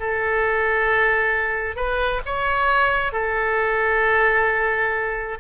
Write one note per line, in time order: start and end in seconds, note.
0.00 1.76 A4
1.76 2.21 B4
2.25 3.12 C#5
3.12 5.38 A4